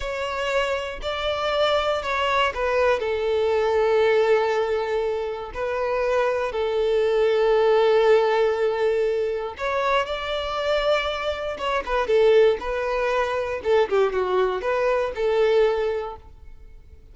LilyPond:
\new Staff \with { instrumentName = "violin" } { \time 4/4 \tempo 4 = 119 cis''2 d''2 | cis''4 b'4 a'2~ | a'2. b'4~ | b'4 a'2.~ |
a'2. cis''4 | d''2. cis''8 b'8 | a'4 b'2 a'8 g'8 | fis'4 b'4 a'2 | }